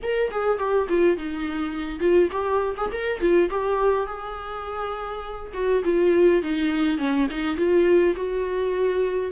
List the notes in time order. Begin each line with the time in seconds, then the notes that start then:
0.03 A#4
0.31 G#4
0.58 G4
0.88 F4
1.17 D#4
1.99 F4
2.31 G4
2.76 G#4
2.92 A#4
3.20 F4
3.50 G4
4.06 G#4
5.53 F#4
5.84 F4
6.42 D#4
6.97 C#4
7.30 D#4
7.56 F4
8.16 F#4